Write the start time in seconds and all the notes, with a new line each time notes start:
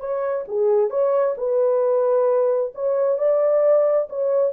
0.00 C#5
0.48 G#4
0.90 C#5
1.38 B4
2.75 C#5
3.18 D5
4.09 C#5